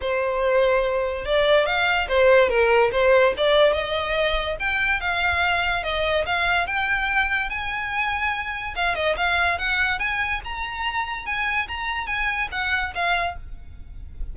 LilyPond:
\new Staff \with { instrumentName = "violin" } { \time 4/4 \tempo 4 = 144 c''2. d''4 | f''4 c''4 ais'4 c''4 | d''4 dis''2 g''4 | f''2 dis''4 f''4 |
g''2 gis''2~ | gis''4 f''8 dis''8 f''4 fis''4 | gis''4 ais''2 gis''4 | ais''4 gis''4 fis''4 f''4 | }